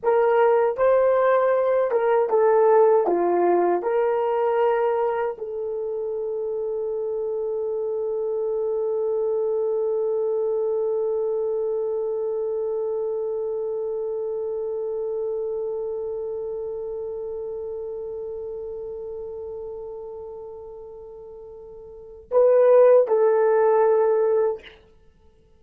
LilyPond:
\new Staff \with { instrumentName = "horn" } { \time 4/4 \tempo 4 = 78 ais'4 c''4. ais'8 a'4 | f'4 ais'2 a'4~ | a'1~ | a'1~ |
a'1~ | a'1~ | a'1~ | a'4 b'4 a'2 | }